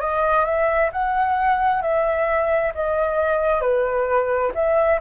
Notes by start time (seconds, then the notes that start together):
0.00 D#5
0.45 E5
0.93 F#5
1.82 E5
2.75 D#5
3.61 B4
4.55 E5